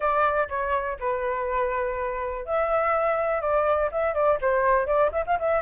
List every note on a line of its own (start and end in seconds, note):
0.00 0.48 D5
0.48 0.97 C#5
0.99 2.45 B4
2.45 3.41 E5
3.41 3.90 D5
3.91 4.14 E5
4.14 4.38 D5
4.41 4.86 C5
4.86 5.10 D5
5.12 5.24 E5
5.26 5.38 F5
5.39 5.61 E5